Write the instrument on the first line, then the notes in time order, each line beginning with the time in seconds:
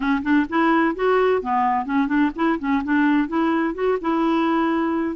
clarinet
0.00 C#4
0.22 D4
0.49 E4
0.95 F#4
1.42 B3
1.85 C#4
2.07 D4
2.35 E4
2.59 C#4
2.84 D4
3.27 E4
3.74 F#4
4.01 E4